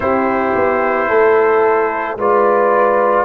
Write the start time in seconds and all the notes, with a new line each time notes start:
0.00 C4 E4 G4 C5
0.55 B3
1.08 A3 A4
2.16 G#3 F4 B4 D5